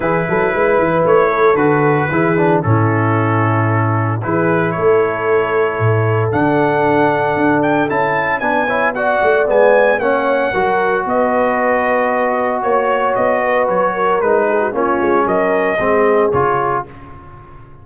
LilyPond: <<
  \new Staff \with { instrumentName = "trumpet" } { \time 4/4 \tempo 4 = 114 b'2 cis''4 b'4~ | b'4 a'2. | b'4 cis''2. | fis''2~ fis''8 g''8 a''4 |
gis''4 fis''4 gis''4 fis''4~ | fis''4 dis''2. | cis''4 dis''4 cis''4 b'4 | cis''4 dis''2 cis''4 | }
  \new Staff \with { instrumentName = "horn" } { \time 4/4 gis'8 a'8 b'4. a'4. | gis'4 e'2. | gis'4 a'2.~ | a'1 |
b'8 cis''8 d''2 cis''4 | ais'4 b'2. | cis''4. b'4 ais'4 gis'16 fis'16 | f'4 ais'4 gis'2 | }
  \new Staff \with { instrumentName = "trombone" } { \time 4/4 e'2. fis'4 | e'8 d'8 cis'2. | e'1 | d'2. e'4 |
d'8 e'8 fis'4 b4 cis'4 | fis'1~ | fis'2. dis'4 | cis'2 c'4 f'4 | }
  \new Staff \with { instrumentName = "tuba" } { \time 4/4 e8 fis8 gis8 e8 a4 d4 | e4 a,2. | e4 a2 a,4 | d2 d'4 cis'4 |
b4. a8 gis4 ais4 | fis4 b2. | ais4 b4 fis4 gis4 | ais8 gis8 fis4 gis4 cis4 | }
>>